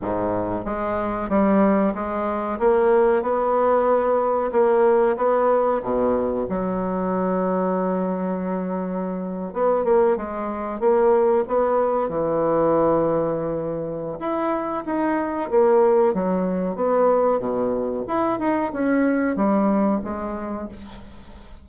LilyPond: \new Staff \with { instrumentName = "bassoon" } { \time 4/4 \tempo 4 = 93 gis,4 gis4 g4 gis4 | ais4 b2 ais4 | b4 b,4 fis2~ | fis2~ fis8. b8 ais8 gis16~ |
gis8. ais4 b4 e4~ e16~ | e2 e'4 dis'4 | ais4 fis4 b4 b,4 | e'8 dis'8 cis'4 g4 gis4 | }